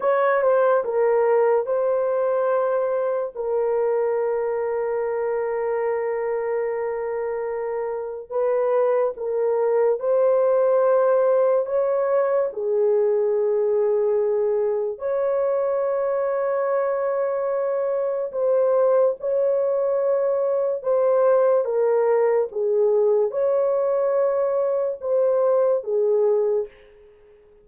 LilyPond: \new Staff \with { instrumentName = "horn" } { \time 4/4 \tempo 4 = 72 cis''8 c''8 ais'4 c''2 | ais'1~ | ais'2 b'4 ais'4 | c''2 cis''4 gis'4~ |
gis'2 cis''2~ | cis''2 c''4 cis''4~ | cis''4 c''4 ais'4 gis'4 | cis''2 c''4 gis'4 | }